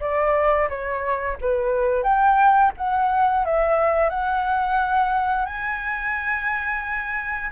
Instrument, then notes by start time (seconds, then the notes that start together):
flute
0.00 D5
0.69 C#5
1.41 B4
2.03 G5
2.77 F#5
3.45 E5
4.10 F#5
5.45 G#5